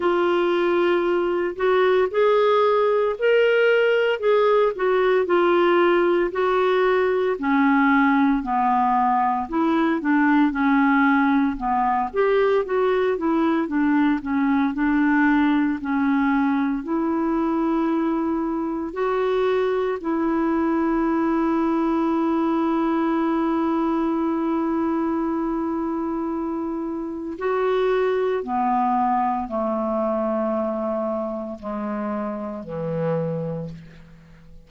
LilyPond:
\new Staff \with { instrumentName = "clarinet" } { \time 4/4 \tempo 4 = 57 f'4. fis'8 gis'4 ais'4 | gis'8 fis'8 f'4 fis'4 cis'4 | b4 e'8 d'8 cis'4 b8 g'8 | fis'8 e'8 d'8 cis'8 d'4 cis'4 |
e'2 fis'4 e'4~ | e'1~ | e'2 fis'4 b4 | a2 gis4 e4 | }